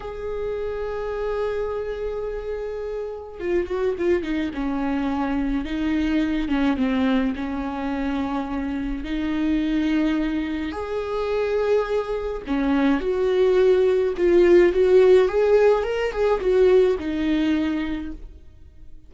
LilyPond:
\new Staff \with { instrumentName = "viola" } { \time 4/4 \tempo 4 = 106 gis'1~ | gis'2 f'8 fis'8 f'8 dis'8 | cis'2 dis'4. cis'8 | c'4 cis'2. |
dis'2. gis'4~ | gis'2 cis'4 fis'4~ | fis'4 f'4 fis'4 gis'4 | ais'8 gis'8 fis'4 dis'2 | }